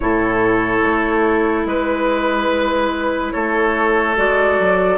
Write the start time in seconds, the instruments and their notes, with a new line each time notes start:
0.00 bassoon A2, clarinet E4, oboe A4, flute C#5
0.82 bassoon A3
1.65 bassoon G#3, oboe B4, flute B4
3.32 bassoon A3, oboe A4, flute C#5
4.16 bassoon G#3, clarinet F#4, flute D5
4.59 bassoon F#3